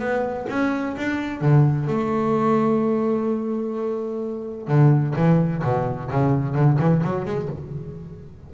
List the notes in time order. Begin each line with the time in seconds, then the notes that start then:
0.00 B3
0.49 C#4
0.97 D4
1.41 D3
1.88 A3
4.68 D3
5.16 E3
5.64 B2
6.11 C#3
6.55 D3
6.80 E3
7.04 F#3
7.26 G#3